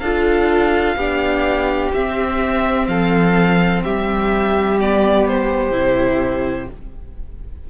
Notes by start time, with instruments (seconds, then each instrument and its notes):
0.00 cello D4, viola F4, violin A4 F5
0.96 cello B3, viola D4, violin G4
1.94 viola C4, cello C4, violin E5
2.87 cello F3, violin A4 F5
3.83 cello G3, violin G4 E5
4.80 viola B3, violin D5
5.27 violin C5
5.70 cello C3, viola E4